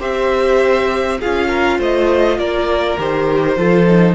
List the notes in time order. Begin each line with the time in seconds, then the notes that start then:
0.00 C4 G4 C5 E5
1.20 C#4 F4 G#4 F5
1.49 A#4
1.79 A3 C5 D#5
2.38 A#3 A#4 D5
2.98 D#3 G4 C5
3.58 F3 F4 A4
3.87 D#4